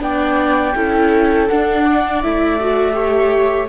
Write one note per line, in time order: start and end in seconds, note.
0.00 0.74 B3
0.00 0.73 D4
0.00 0.76 D5
0.00 1.49 G5
0.76 1.49 C#4
0.76 1.49 E4
0.76 1.85 A4
1.49 2.23 D4
1.49 2.25 D4
1.49 2.22 F#5
1.85 2.95 D5
2.22 3.69 A3
2.22 2.60 E4
2.22 3.69 E5
2.60 2.93 F#4
2.93 3.66 G4
2.93 3.69 C#5